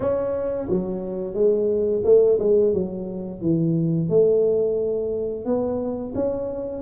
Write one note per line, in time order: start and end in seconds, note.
0.00 0.68 C#4
0.69 1.34 F#3
1.34 2.02 G#3
2.04 2.38 A3
2.39 2.73 G#3
2.73 3.41 F#3
3.41 4.09 E3
4.09 5.45 A3
5.45 6.13 B3
6.15 6.82 C#4